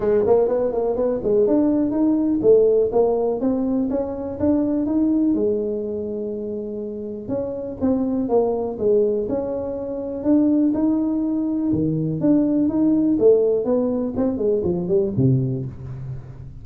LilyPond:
\new Staff \with { instrumentName = "tuba" } { \time 4/4 \tempo 4 = 123 gis8 ais8 b8 ais8 b8 gis8 d'4 | dis'4 a4 ais4 c'4 | cis'4 d'4 dis'4 gis4~ | gis2. cis'4 |
c'4 ais4 gis4 cis'4~ | cis'4 d'4 dis'2 | dis4 d'4 dis'4 a4 | b4 c'8 gis8 f8 g8 c4 | }